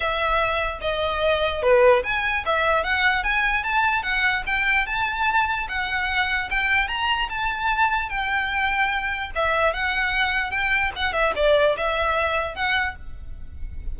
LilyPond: \new Staff \with { instrumentName = "violin" } { \time 4/4 \tempo 4 = 148 e''2 dis''2 | b'4 gis''4 e''4 fis''4 | gis''4 a''4 fis''4 g''4 | a''2 fis''2 |
g''4 ais''4 a''2 | g''2. e''4 | fis''2 g''4 fis''8 e''8 | d''4 e''2 fis''4 | }